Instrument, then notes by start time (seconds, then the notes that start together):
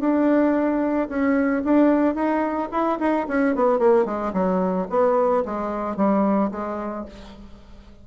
bassoon
0.00 D4
1.09 C#4
1.64 D4
2.14 D#4
2.71 E4
2.99 D#4
3.28 C#4
3.55 B3
3.79 A#3
4.05 G#3
4.33 F#3
4.89 B3
5.45 G#3
5.96 G3
6.51 G#3